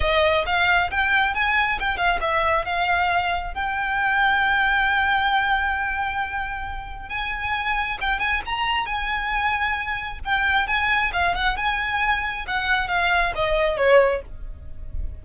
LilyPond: \new Staff \with { instrumentName = "violin" } { \time 4/4 \tempo 4 = 135 dis''4 f''4 g''4 gis''4 | g''8 f''8 e''4 f''2 | g''1~ | g''1 |
gis''2 g''8 gis''8 ais''4 | gis''2. g''4 | gis''4 f''8 fis''8 gis''2 | fis''4 f''4 dis''4 cis''4 | }